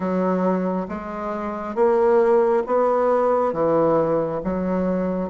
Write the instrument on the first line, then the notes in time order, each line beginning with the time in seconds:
bassoon
0.00 F#3
0.88 G#3
1.74 A#3
2.66 B3
3.53 E3
4.44 F#3